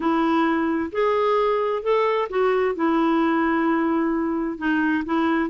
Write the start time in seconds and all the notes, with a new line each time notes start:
0.00 E4
0.92 G#4
1.82 A4
2.29 F#4
2.75 E4
4.58 D#4
5.05 E4